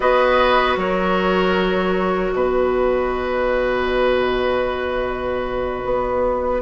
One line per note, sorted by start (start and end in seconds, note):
0.00 0.76 B3
0.00 6.61 F#4
0.00 0.78 B4
0.00 0.75 D#5
0.76 2.32 F#3
0.76 2.34 A#4
0.76 2.32 C#5
2.32 5.83 B2
2.32 6.61 B4
2.32 6.61 D#5
5.84 6.61 B3